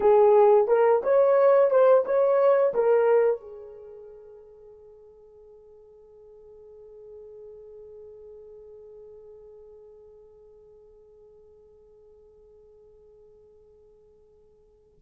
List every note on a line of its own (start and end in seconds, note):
0.00 0.67 G#4
0.67 1.01 A#4
1.03 1.70 C#5
1.70 2.04 C5
2.05 2.73 C#5
2.73 3.40 A#4
3.40 14.99 G#4